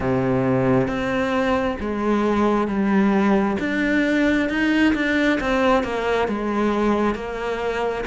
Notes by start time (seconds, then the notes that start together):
0.00 C3
0.87 C4
1.80 G#3
2.67 G3
3.59 D4
4.49 D#4
4.94 D4
5.40 C4
5.83 A#3
6.28 G#3
7.14 A#3